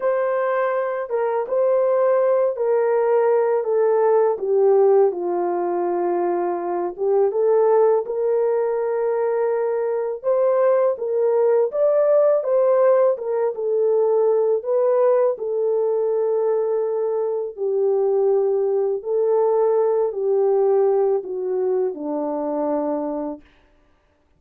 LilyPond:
\new Staff \with { instrumentName = "horn" } { \time 4/4 \tempo 4 = 82 c''4. ais'8 c''4. ais'8~ | ais'4 a'4 g'4 f'4~ | f'4. g'8 a'4 ais'4~ | ais'2 c''4 ais'4 |
d''4 c''4 ais'8 a'4. | b'4 a'2. | g'2 a'4. g'8~ | g'4 fis'4 d'2 | }